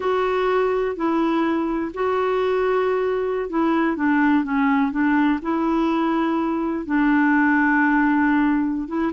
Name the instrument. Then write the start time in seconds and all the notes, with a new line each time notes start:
clarinet
0.00 F#4
0.95 E4
1.94 F#4
3.49 E4
3.96 D4
4.44 C#4
4.91 D4
5.42 E4
6.85 D4
8.88 E4